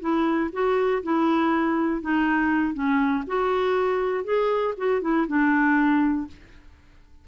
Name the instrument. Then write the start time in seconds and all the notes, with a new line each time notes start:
clarinet
0.00 E4
0.53 F#4
1.03 E4
2.01 D#4
2.73 C#4
3.27 F#4
4.24 G#4
4.77 F#4
5.01 E4
5.27 D4